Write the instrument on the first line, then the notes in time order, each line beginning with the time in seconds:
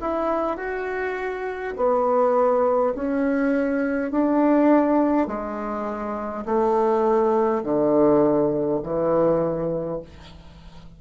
bassoon
0.00 E4
0.57 F#4
1.76 B3
2.95 C#4
4.11 D4
5.27 G#3
6.45 A3
7.63 D3
8.83 E3